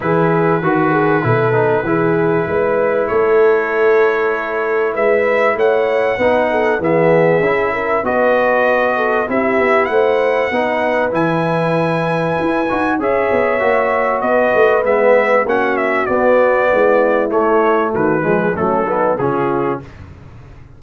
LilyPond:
<<
  \new Staff \with { instrumentName = "trumpet" } { \time 4/4 \tempo 4 = 97 b'1~ | b'4 cis''2. | e''4 fis''2 e''4~ | e''4 dis''2 e''4 |
fis''2 gis''2~ | gis''4 e''2 dis''4 | e''4 fis''8 e''8 d''2 | cis''4 b'4 a'4 gis'4 | }
  \new Staff \with { instrumentName = "horn" } { \time 4/4 gis'4 fis'8 gis'8 a'4 gis'4 | b'4 a'2. | b'4 cis''4 b'8 a'8 gis'4~ | gis'8 ais'8 b'4. a'8 g'4 |
c''4 b'2.~ | b'4 cis''2 b'4~ | b'4 fis'2 e'4~ | e'4 fis'8 gis'8 cis'8 dis'8 f'4 | }
  \new Staff \with { instrumentName = "trombone" } { \time 4/4 e'4 fis'4 e'8 dis'8 e'4~ | e'1~ | e'2 dis'4 b4 | e'4 fis'2 e'4~ |
e'4 dis'4 e'2~ | e'8 fis'8 gis'4 fis'2 | b4 cis'4 b2 | a4. gis8 a8 b8 cis'4 | }
  \new Staff \with { instrumentName = "tuba" } { \time 4/4 e4 dis4 b,4 e4 | gis4 a2. | gis4 a4 b4 e4 | cis'4 b2 c'8 b8 |
a4 b4 e2 | e'8 dis'8 cis'8 b8 ais4 b8 a8 | gis4 ais4 b4 gis4 | a4 dis8 f8 fis4 cis4 | }
>>